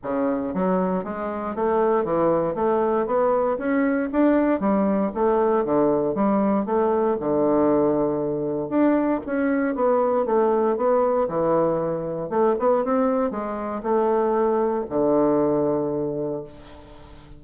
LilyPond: \new Staff \with { instrumentName = "bassoon" } { \time 4/4 \tempo 4 = 117 cis4 fis4 gis4 a4 | e4 a4 b4 cis'4 | d'4 g4 a4 d4 | g4 a4 d2~ |
d4 d'4 cis'4 b4 | a4 b4 e2 | a8 b8 c'4 gis4 a4~ | a4 d2. | }